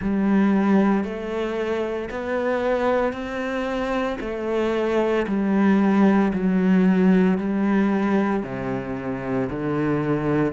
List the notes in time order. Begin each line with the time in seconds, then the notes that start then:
0.01 G3
1.03 A3
2.10 B3
3.12 C4
4.20 A3
5.27 G3
6.33 F#3
7.37 G3
8.43 C3
9.50 D3